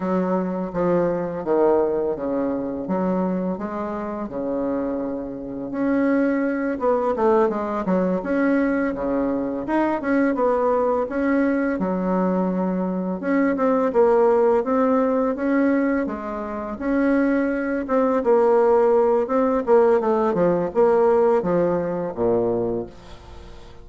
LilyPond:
\new Staff \with { instrumentName = "bassoon" } { \time 4/4 \tempo 4 = 84 fis4 f4 dis4 cis4 | fis4 gis4 cis2 | cis'4. b8 a8 gis8 fis8 cis'8~ | cis'8 cis4 dis'8 cis'8 b4 cis'8~ |
cis'8 fis2 cis'8 c'8 ais8~ | ais8 c'4 cis'4 gis4 cis'8~ | cis'4 c'8 ais4. c'8 ais8 | a8 f8 ais4 f4 ais,4 | }